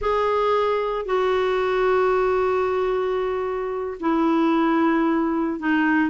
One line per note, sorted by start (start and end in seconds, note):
0.01 1.05 G#4
1.05 3.97 F#4
4.00 5.59 E4
5.59 6.10 D#4